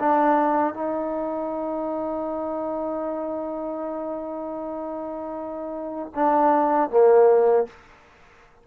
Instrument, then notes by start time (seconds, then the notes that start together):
trombone
0.00 D4
0.74 D#4
6.15 D4
6.91 A#3